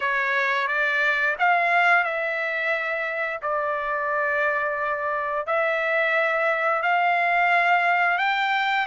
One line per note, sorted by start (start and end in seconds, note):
0.00 0.67 C#5
0.67 1.35 D5
1.38 2.04 F5
2.04 3.40 E5
3.42 5.46 D5
5.46 6.82 E5
6.82 8.18 F5
8.18 8.86 G5